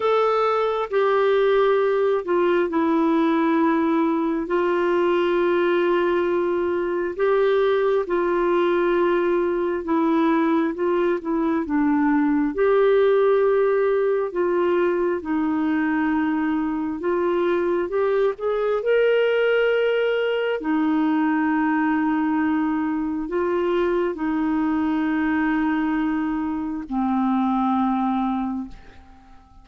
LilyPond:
\new Staff \with { instrumentName = "clarinet" } { \time 4/4 \tempo 4 = 67 a'4 g'4. f'8 e'4~ | e'4 f'2. | g'4 f'2 e'4 | f'8 e'8 d'4 g'2 |
f'4 dis'2 f'4 | g'8 gis'8 ais'2 dis'4~ | dis'2 f'4 dis'4~ | dis'2 c'2 | }